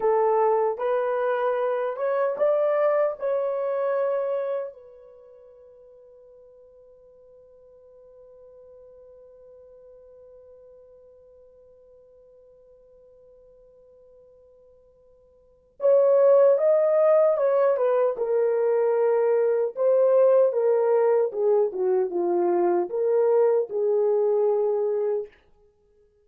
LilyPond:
\new Staff \with { instrumentName = "horn" } { \time 4/4 \tempo 4 = 76 a'4 b'4. cis''8 d''4 | cis''2 b'2~ | b'1~ | b'1~ |
b'1 | cis''4 dis''4 cis''8 b'8 ais'4~ | ais'4 c''4 ais'4 gis'8 fis'8 | f'4 ais'4 gis'2 | }